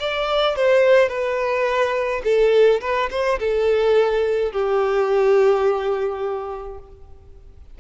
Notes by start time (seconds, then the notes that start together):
0.00 D5
0.56 C5
1.09 B4
2.24 A4
2.81 B4
3.11 C5
3.40 A4
4.52 G4